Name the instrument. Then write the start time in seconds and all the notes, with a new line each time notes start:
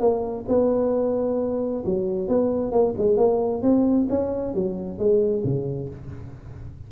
tuba
0.00 A#3
0.49 B3
1.86 F#3
2.28 B3
2.72 A#3
2.98 G#3
3.17 A#3
3.63 C4
4.09 C#4
4.55 F#3
4.99 G#3
5.44 C#3